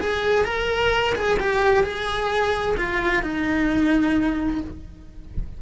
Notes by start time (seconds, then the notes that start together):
0.00 G#4
0.44 A#4
1.15 G#4
1.39 G4
1.83 G#4
2.77 F4
3.22 D#4